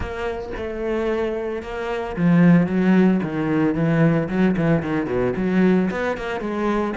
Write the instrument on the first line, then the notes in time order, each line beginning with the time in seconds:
cello
0.00 A#3
0.57 A3
1.62 A#3
2.16 F3
2.66 F#3
3.22 D#3
3.74 E3
4.28 F#3
4.57 E3
4.82 D#3
5.06 B2
5.36 F#3
5.91 B3
6.17 A#3
6.40 G#3